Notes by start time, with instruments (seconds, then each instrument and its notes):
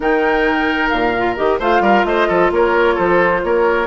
0.00 bassoon D#3, clarinet D#4, oboe A#4, flute G5
0.89 bassoon A#2, flute F5
1.18 clarinet F4
1.36 bassoon D#3, clarinet G4, flute D#5
1.59 bassoon A3, clarinet F4, oboe C5, flute F5
1.80 bassoon G3, oboe A#4
2.04 bassoon A3, oboe C5, flute D#5
2.27 bassoon F3, oboe A4
2.50 bassoon A#3, oboe A#4, flute C#5
2.95 bassoon F3, oboe A4, flute C5
3.43 bassoon A#3, oboe A#4, flute C#5